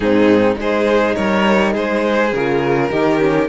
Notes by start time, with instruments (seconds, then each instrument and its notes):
0.00 cello G#2, horn C4, violin D#4 G#4
0.56 cello G#3, horn D#4, violin G#4 C5
1.15 cello G3, violin A#4 C#5
1.73 cello G#3, violin G#4 C5
2.32 cello C#3, horn F4, violin A#4
2.90 cello D#3, horn D#4, violin G4
3.18 horn C#4